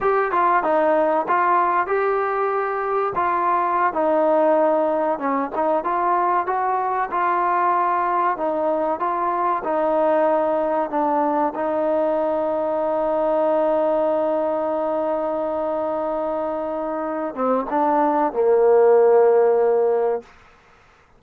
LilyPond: \new Staff \with { instrumentName = "trombone" } { \time 4/4 \tempo 4 = 95 g'8 f'8 dis'4 f'4 g'4~ | g'4 f'4~ f'16 dis'4.~ dis'16~ | dis'16 cis'8 dis'8 f'4 fis'4 f'8.~ | f'4~ f'16 dis'4 f'4 dis'8.~ |
dis'4~ dis'16 d'4 dis'4.~ dis'16~ | dis'1~ | dis'2.~ dis'8 c'8 | d'4 ais2. | }